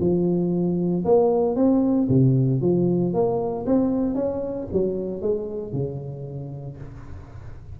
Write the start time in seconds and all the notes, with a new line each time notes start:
0.00 F3
1.05 A#3
1.55 C4
2.09 C3
2.61 F3
3.13 A#3
3.66 C4
4.15 C#4
4.72 F#3
5.21 G#3
5.72 C#3